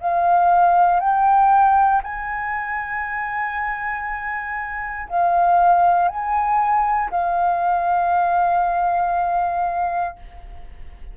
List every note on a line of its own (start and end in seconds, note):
0.00 1.00 F5
1.00 2.02 G5
2.03 5.08 G#5
5.08 6.08 F5
6.08 7.10 G#5
7.11 10.16 F5